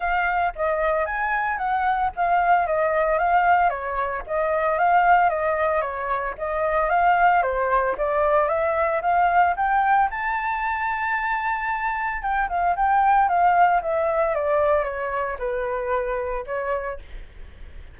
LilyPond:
\new Staff \with { instrumentName = "flute" } { \time 4/4 \tempo 4 = 113 f''4 dis''4 gis''4 fis''4 | f''4 dis''4 f''4 cis''4 | dis''4 f''4 dis''4 cis''4 | dis''4 f''4 c''4 d''4 |
e''4 f''4 g''4 a''4~ | a''2. g''8 f''8 | g''4 f''4 e''4 d''4 | cis''4 b'2 cis''4 | }